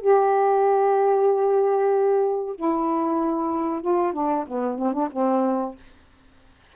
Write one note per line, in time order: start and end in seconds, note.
0.00 2.55 G4
2.55 3.81 E4
3.81 4.13 F4
4.13 4.45 D4
4.47 4.78 B3
4.78 4.92 C4
4.92 5.08 D4
5.12 5.75 C4